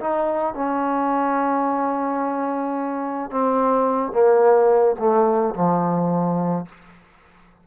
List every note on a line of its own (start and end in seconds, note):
0.00 0.54 D#4
0.54 3.31 C#4
3.31 4.13 C4
4.13 4.96 A#3
4.99 5.55 A3
5.55 6.66 F3